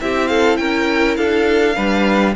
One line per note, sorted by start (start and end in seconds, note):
0.00 0.59 C4
0.00 1.75 E4
0.00 0.30 G4
0.00 0.28 E5
0.28 0.59 A4
0.28 0.56 F5
0.56 1.17 C#4
0.56 1.18 A#4
0.56 1.15 G5
1.17 1.76 D4
1.17 1.75 A4
1.17 2.34 F5
1.75 2.35 G3
1.75 2.34 D4
1.75 2.34 B4